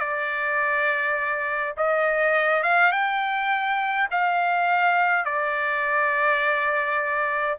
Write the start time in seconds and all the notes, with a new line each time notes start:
0.00 D5
1.77 D#5
2.63 F5
2.92 G5
4.11 F5
5.25 D5